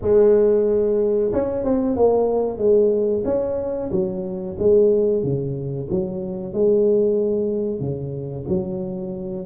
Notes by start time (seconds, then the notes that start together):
0.01 G#3
1.32 C#4
1.64 C4
1.96 A#3
2.58 G#3
3.25 C#4
3.91 F#3
4.59 G#3
5.23 C#3
5.90 F#3
6.53 G#3
7.80 C#3
8.48 F#3